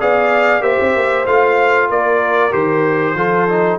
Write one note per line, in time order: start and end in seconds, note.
0.00 0.60 B3
0.00 0.61 G#4
0.00 0.63 D5
0.00 0.63 F5
0.60 0.76 A#3
0.60 1.24 G4
0.60 1.89 C5
0.60 1.26 E5
0.80 0.95 C4
0.95 1.27 A#3
1.26 1.90 A3
1.26 2.51 F4
1.26 1.89 F5
1.90 2.53 A#3
1.90 3.16 A#4
1.90 2.52 D5
2.51 3.14 D#3
2.51 3.14 G4
2.51 3.79 C5
3.14 3.77 F3
3.14 3.48 F4
3.14 3.79 A4
3.49 3.79 D#4